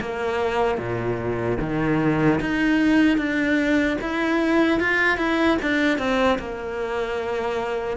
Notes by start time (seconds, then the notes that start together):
0.00 A#3
0.78 A#2
1.60 D#3
2.40 D#4
3.17 D4
4.01 E4
4.80 F4
5.17 E4
5.62 D4
5.98 C4
6.39 A#3